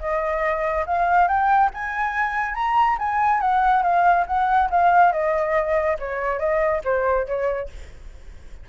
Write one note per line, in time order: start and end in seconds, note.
0.00 0.85 D#5
0.86 1.28 F5
1.28 1.70 G5
1.74 2.55 G#5
2.55 2.97 A#5
2.98 3.41 G#5
3.41 3.83 F#5
3.83 4.25 F5
4.27 4.69 F#5
4.70 5.12 F5
5.12 5.97 D#5
5.99 6.39 C#5
6.39 6.81 D#5
6.84 7.26 C5
7.26 7.69 C#5